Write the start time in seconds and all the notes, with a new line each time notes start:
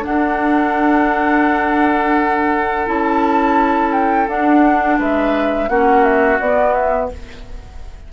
0.00 D4 F#5
0.08 A4
2.85 C#4 E4 A5
3.92 G5
4.27 D4 F#5
4.98 G#3 B4 E5
5.68 A#3 C#4 F#4 F#5
6.04 E5
6.39 B3 D5
6.74 E5